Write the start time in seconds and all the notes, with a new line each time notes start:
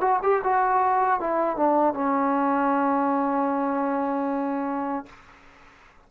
0.00 F#4
0.22 G4
0.43 F#4
1.20 E4
1.56 D4
1.94 C#4